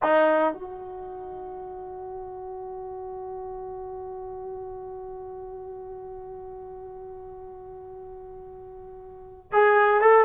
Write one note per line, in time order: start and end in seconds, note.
0.02 0.53 D#4
0.53 9.51 F#4
9.52 10.01 G#4
10.01 10.25 A4